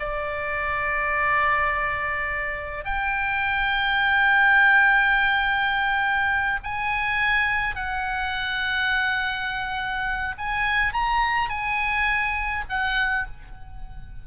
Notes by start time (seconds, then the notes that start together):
0.00 D5
2.85 G5
6.64 G#5
7.76 F#5
10.38 G#5
10.94 A#5
11.50 G#5
12.70 F#5